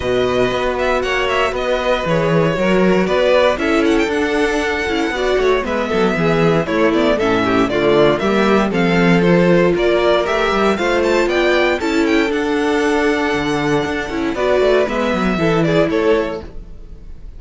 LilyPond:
<<
  \new Staff \with { instrumentName = "violin" } { \time 4/4 \tempo 4 = 117 dis''4. e''8 fis''8 e''8 dis''4 | cis''2 d''4 e''8 fis''16 g''16 | fis''2. e''4~ | e''4 cis''8 d''8 e''4 d''4 |
e''4 f''4 c''4 d''4 | e''4 f''8 a''8 g''4 a''8 g''8 | fis''1 | d''4 e''4. d''8 cis''4 | }
  \new Staff \with { instrumentName = "violin" } { \time 4/4 b'2 cis''4 b'4~ | b'4 ais'4 b'4 a'4~ | a'2 d''8 cis''8 b'8 a'8 | gis'4 e'4 a'8 g'8 f'4 |
g'4 a'2 ais'4~ | ais'4 c''4 d''4 a'4~ | a'1 | b'2 a'8 gis'8 a'4 | }
  \new Staff \with { instrumentName = "viola" } { \time 4/4 fis'1 | gis'4 fis'2 e'4 | d'4. e'8 fis'4 b4~ | b4 a8 b8 cis'4 a4 |
ais4 c'4 f'2 | g'4 f'2 e'4 | d'2.~ d'8 e'8 | fis'4 b4 e'2 | }
  \new Staff \with { instrumentName = "cello" } { \time 4/4 b,4 b4 ais4 b4 | e4 fis4 b4 cis'4 | d'4. cis'8 b8 a8 gis8 fis8 | e4 a4 a,4 d4 |
g4 f2 ais4 | a8 g8 a4 b4 cis'4 | d'2 d4 d'8 cis'8 | b8 a8 gis8 fis8 e4 a4 | }
>>